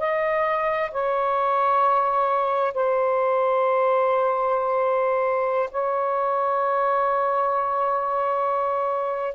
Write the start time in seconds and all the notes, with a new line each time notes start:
0.00 D#5
0.92 C#5
2.74 C5
5.71 C#5